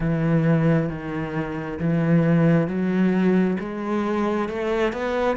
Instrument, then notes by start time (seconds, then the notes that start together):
cello
0.00 E3
0.89 D#3
1.79 E3
2.67 F#3
3.59 G#3
4.49 A3
4.93 B3